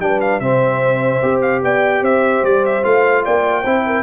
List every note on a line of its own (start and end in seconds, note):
0.00 0.41 G3
0.00 0.41 D4
0.00 0.42 B4
0.00 0.21 G5
0.21 0.40 F5
0.40 1.22 C3
0.40 1.22 C4
0.40 1.64 C5
0.40 1.41 E5
1.22 1.62 C4
1.22 2.83 G4
1.42 1.62 F5
1.62 2.02 B3
1.62 2.02 D5
1.62 2.04 G5
2.02 2.42 C4
2.02 3.24 C5
2.02 2.45 E5
2.42 2.83 G3
2.42 2.65 D5
2.66 2.84 E5
2.83 3.26 A3
2.83 3.64 F4
2.83 3.25 F5
3.24 3.66 A#3
3.24 3.62 D5
3.24 4.03 G5
3.62 4.03 C4
3.62 4.03 E4
3.62 3.83 C5
3.86 4.03 A#4